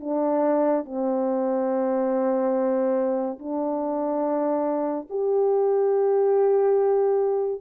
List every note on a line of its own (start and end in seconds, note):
0.00 0.85 D4
0.85 3.38 C4
3.39 5.08 D4
5.10 7.61 G4